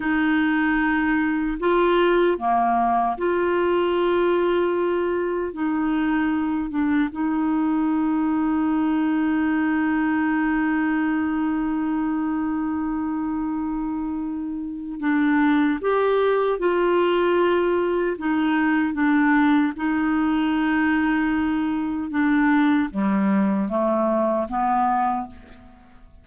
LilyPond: \new Staff \with { instrumentName = "clarinet" } { \time 4/4 \tempo 4 = 76 dis'2 f'4 ais4 | f'2. dis'4~ | dis'8 d'8 dis'2.~ | dis'1~ |
dis'2. d'4 | g'4 f'2 dis'4 | d'4 dis'2. | d'4 g4 a4 b4 | }